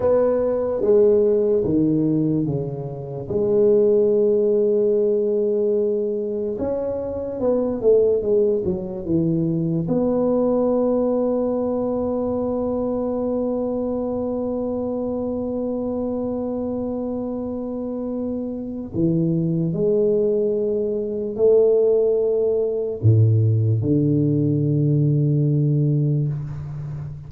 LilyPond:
\new Staff \with { instrumentName = "tuba" } { \time 4/4 \tempo 4 = 73 b4 gis4 dis4 cis4 | gis1 | cis'4 b8 a8 gis8 fis8 e4 | b1~ |
b1~ | b2. e4 | gis2 a2 | a,4 d2. | }